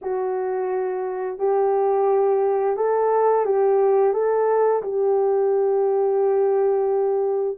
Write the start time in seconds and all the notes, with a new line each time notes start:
0.01 F#4
1.38 G4
2.76 A4
3.45 G4
4.13 A4
4.82 G4